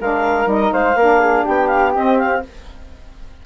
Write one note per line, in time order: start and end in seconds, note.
0.00 0.46 G#3
0.00 0.45 D4
0.00 0.73 A#4
0.00 0.49 F5
0.45 0.70 G3
0.45 0.94 D#4
0.45 0.72 D#5
0.72 0.94 G#3
0.72 0.97 C5
0.72 1.45 F5
0.94 1.43 A#3
0.94 1.94 D4
0.94 1.19 A#4
1.19 1.44 G#4
1.45 1.96 B3
1.45 2.42 G4
1.45 1.67 G5
1.67 1.91 F5
1.94 2.42 C4
1.94 2.45 C4
1.94 2.18 D#5
2.18 2.42 F5